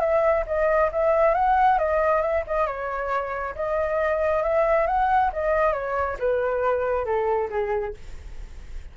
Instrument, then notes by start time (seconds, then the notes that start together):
flute
0.00 E5
0.47 D#5
0.92 E5
1.34 F#5
1.78 D#5
2.21 E5
2.47 D#5
2.66 C#5
3.55 D#5
4.43 E5
4.87 F#5
5.33 D#5
5.73 C#5
6.19 B4
7.05 A4
7.50 G#4